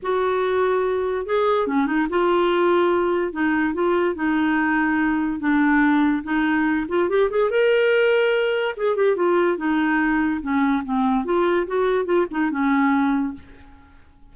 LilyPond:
\new Staff \with { instrumentName = "clarinet" } { \time 4/4 \tempo 4 = 144 fis'2. gis'4 | cis'8 dis'8 f'2. | dis'4 f'4 dis'2~ | dis'4 d'2 dis'4~ |
dis'8 f'8 g'8 gis'8 ais'2~ | ais'4 gis'8 g'8 f'4 dis'4~ | dis'4 cis'4 c'4 f'4 | fis'4 f'8 dis'8 cis'2 | }